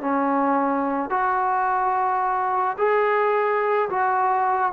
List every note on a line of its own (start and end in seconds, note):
0.00 1.10 C#4
1.10 2.76 F#4
2.78 3.89 G#4
3.89 4.72 F#4